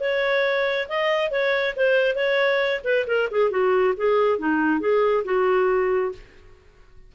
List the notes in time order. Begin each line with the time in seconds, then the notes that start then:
0.00 C#5
0.88 D#5
1.31 C#5
1.76 C5
2.15 C#5
2.84 B4
3.07 A#4
3.30 G#4
3.50 F#4
3.97 G#4
4.38 D#4
4.80 G#4
5.24 F#4